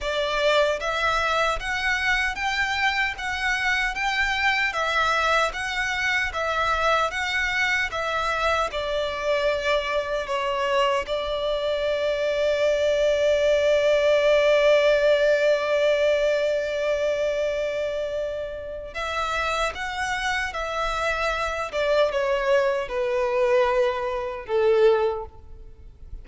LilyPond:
\new Staff \with { instrumentName = "violin" } { \time 4/4 \tempo 4 = 76 d''4 e''4 fis''4 g''4 | fis''4 g''4 e''4 fis''4 | e''4 fis''4 e''4 d''4~ | d''4 cis''4 d''2~ |
d''1~ | d''1 | e''4 fis''4 e''4. d''8 | cis''4 b'2 a'4 | }